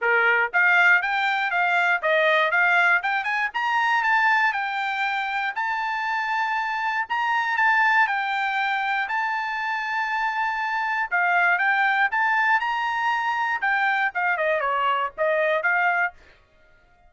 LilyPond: \new Staff \with { instrumentName = "trumpet" } { \time 4/4 \tempo 4 = 119 ais'4 f''4 g''4 f''4 | dis''4 f''4 g''8 gis''8 ais''4 | a''4 g''2 a''4~ | a''2 ais''4 a''4 |
g''2 a''2~ | a''2 f''4 g''4 | a''4 ais''2 g''4 | f''8 dis''8 cis''4 dis''4 f''4 | }